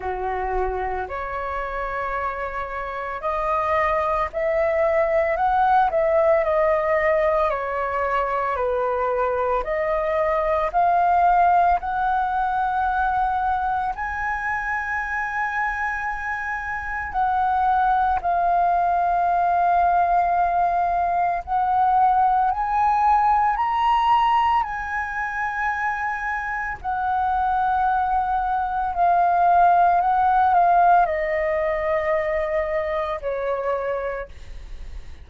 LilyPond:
\new Staff \with { instrumentName = "flute" } { \time 4/4 \tempo 4 = 56 fis'4 cis''2 dis''4 | e''4 fis''8 e''8 dis''4 cis''4 | b'4 dis''4 f''4 fis''4~ | fis''4 gis''2. |
fis''4 f''2. | fis''4 gis''4 ais''4 gis''4~ | gis''4 fis''2 f''4 | fis''8 f''8 dis''2 cis''4 | }